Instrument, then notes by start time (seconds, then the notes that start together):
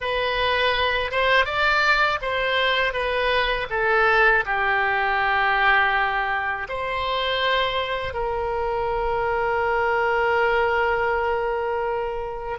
oboe
0.00 B4
1.11 C5
1.45 D5
2.21 C5
2.93 B4
3.70 A4
4.45 G4
6.68 C5
8.13 A#4